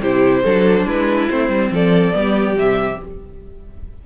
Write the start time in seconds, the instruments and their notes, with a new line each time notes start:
0.00 cello C3, viola E4, violin G4 C5
0.43 cello F#3, viola D4, violin A4
0.85 cello G#3, violin E4 B4
1.29 cello A3, viola C4, violin C5
1.48 cello G3
1.71 cello F3, violin A4 D5
2.12 cello G3, viola B3
2.20 violin G4
2.56 cello C3, viola G3, violin E5